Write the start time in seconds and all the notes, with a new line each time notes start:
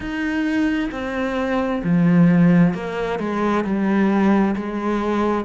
0.00 D#4
0.91 C4
1.83 F3
2.74 A#3
3.19 G#3
3.64 G3
4.56 G#3